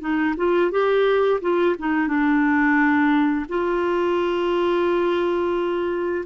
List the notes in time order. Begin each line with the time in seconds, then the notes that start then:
0.00 D#4
0.37 F4
0.71 G4
1.41 F4
1.79 D#4
2.08 D4
3.49 F4